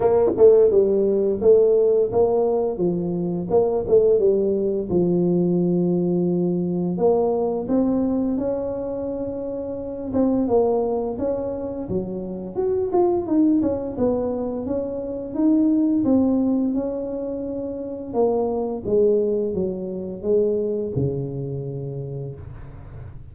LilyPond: \new Staff \with { instrumentName = "tuba" } { \time 4/4 \tempo 4 = 86 ais8 a8 g4 a4 ais4 | f4 ais8 a8 g4 f4~ | f2 ais4 c'4 | cis'2~ cis'8 c'8 ais4 |
cis'4 fis4 fis'8 f'8 dis'8 cis'8 | b4 cis'4 dis'4 c'4 | cis'2 ais4 gis4 | fis4 gis4 cis2 | }